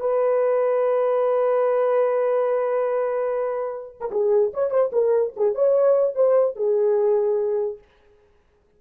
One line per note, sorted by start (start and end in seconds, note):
0.00 3.98 B4
4.00 4.10 A#4
4.11 4.52 G#4
4.54 4.70 C#5
4.70 4.91 C5
4.93 5.33 A#4
5.36 5.55 G#4
5.55 6.15 C#5
6.15 6.56 C5
6.56 7.78 G#4